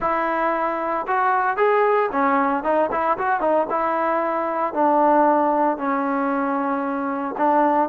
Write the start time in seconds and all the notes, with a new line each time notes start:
0.00 E4
1.07 F#4
1.56 G#4
2.12 C#4
2.63 D#4
2.91 E4
3.17 F#4
3.40 D#4
3.70 E4
4.73 D4
5.77 C#4
7.37 D4